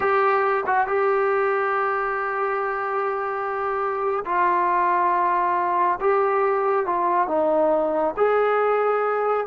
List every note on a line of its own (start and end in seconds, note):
0.00 0.64 G4
0.66 0.87 F#4
0.87 4.24 G4
4.25 5.99 F4
6.00 6.86 G4
6.86 7.27 F4
7.27 8.14 D#4
8.16 9.47 G#4